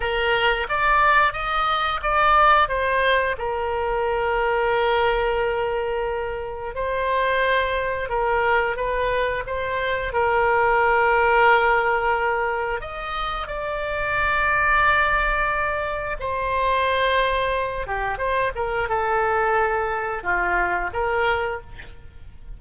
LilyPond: \new Staff \with { instrumentName = "oboe" } { \time 4/4 \tempo 4 = 89 ais'4 d''4 dis''4 d''4 | c''4 ais'2.~ | ais'2 c''2 | ais'4 b'4 c''4 ais'4~ |
ais'2. dis''4 | d''1 | c''2~ c''8 g'8 c''8 ais'8 | a'2 f'4 ais'4 | }